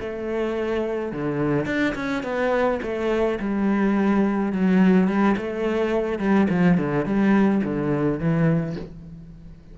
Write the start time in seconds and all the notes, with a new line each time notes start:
0.00 A3
1.12 D3
1.66 D4
1.95 C#4
2.23 B3
2.83 A3
3.40 G3
4.52 F#3
5.08 G3
5.37 A3
6.19 G3
6.49 F3
6.78 D3
7.06 G3
7.64 D3
8.20 E3